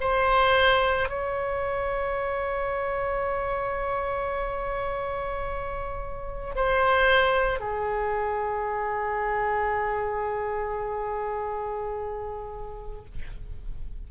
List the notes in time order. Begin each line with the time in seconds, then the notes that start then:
0.00 C5
1.09 C#5
6.55 C5
7.60 G#4